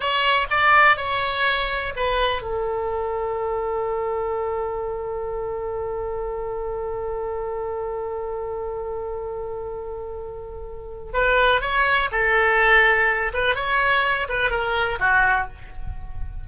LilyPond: \new Staff \with { instrumentName = "oboe" } { \time 4/4 \tempo 4 = 124 cis''4 d''4 cis''2 | b'4 a'2.~ | a'1~ | a'1~ |
a'1~ | a'2. b'4 | cis''4 a'2~ a'8 b'8 | cis''4. b'8 ais'4 fis'4 | }